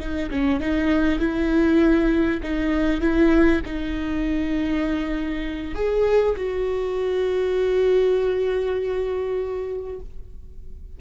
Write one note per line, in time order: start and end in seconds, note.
0.00 0.30 D#4
0.31 0.61 C#4
0.61 1.20 D#4
1.20 2.41 E4
2.43 3.01 D#4
3.01 3.62 E4
3.66 5.75 D#4
5.75 6.36 G#4
6.37 10.01 F#4